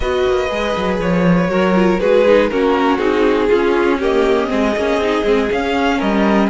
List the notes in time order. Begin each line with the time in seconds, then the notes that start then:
0.00 B3 F#4 B4 D#5
0.27 A#3
0.48 G#3 G#4
0.76 F#3
0.99 F3 C#5
1.49 F#3 F#4 A#4
1.74 F4
1.99 G#3 F#4 G#4 B4
2.26 D#4
2.48 A#3 C#4 F#4 A#4
2.98 C4 D#4 G#4
3.48 C#4 F4
3.99 A#3 G4 D#5
4.47 G#3 C4 G#4
4.76 A#3 C#4
4.96 C4 D#4
5.23 G#3 C4
5.51 C#4 F5
5.98 G3 A#4 D#5